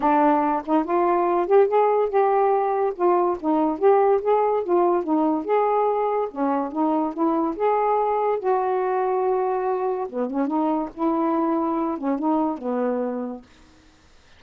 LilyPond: \new Staff \with { instrumentName = "saxophone" } { \time 4/4 \tempo 4 = 143 d'4. dis'8 f'4. g'8 | gis'4 g'2 f'4 | dis'4 g'4 gis'4 f'4 | dis'4 gis'2 cis'4 |
dis'4 e'4 gis'2 | fis'1 | b8 cis'8 dis'4 e'2~ | e'8 cis'8 dis'4 b2 | }